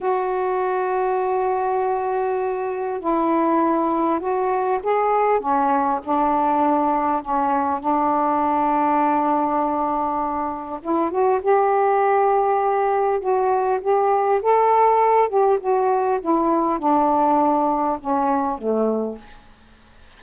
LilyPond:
\new Staff \with { instrumentName = "saxophone" } { \time 4/4 \tempo 4 = 100 fis'1~ | fis'4 e'2 fis'4 | gis'4 cis'4 d'2 | cis'4 d'2.~ |
d'2 e'8 fis'8 g'4~ | g'2 fis'4 g'4 | a'4. g'8 fis'4 e'4 | d'2 cis'4 a4 | }